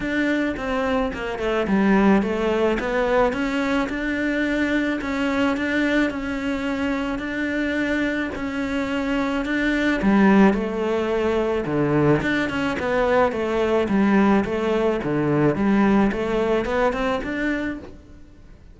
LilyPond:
\new Staff \with { instrumentName = "cello" } { \time 4/4 \tempo 4 = 108 d'4 c'4 ais8 a8 g4 | a4 b4 cis'4 d'4~ | d'4 cis'4 d'4 cis'4~ | cis'4 d'2 cis'4~ |
cis'4 d'4 g4 a4~ | a4 d4 d'8 cis'8 b4 | a4 g4 a4 d4 | g4 a4 b8 c'8 d'4 | }